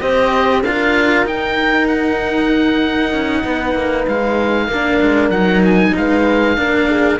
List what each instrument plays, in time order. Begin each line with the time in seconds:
0.00 cello C4 G4, horn C5, oboe D#5
0.63 cello D4 F4, horn A#4, oboe F5
1.24 cello D#4, oboe G5
1.87 oboe F#5
3.12 cello C#4
3.44 cello B3, horn B4
3.74 cello A#3
4.07 cello G#3, oboe F5
4.67 cello A#3 D4, horn A#4
5.02 cello G#3
5.29 cello F#3 D#4, oboe F#5
5.64 oboe G#5
5.96 cello G#3, horn B4, oboe F5
6.56 cello A#3 D4, horn A#4
6.88 horn G#4